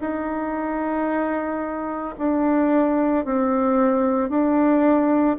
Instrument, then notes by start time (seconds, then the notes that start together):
bassoon
0.00 D#4
2.18 D4
3.25 C4
4.29 D4